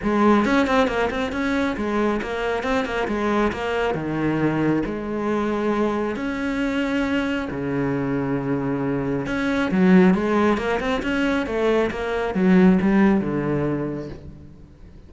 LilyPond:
\new Staff \with { instrumentName = "cello" } { \time 4/4 \tempo 4 = 136 gis4 cis'8 c'8 ais8 c'8 cis'4 | gis4 ais4 c'8 ais8 gis4 | ais4 dis2 gis4~ | gis2 cis'2~ |
cis'4 cis2.~ | cis4 cis'4 fis4 gis4 | ais8 c'8 cis'4 a4 ais4 | fis4 g4 d2 | }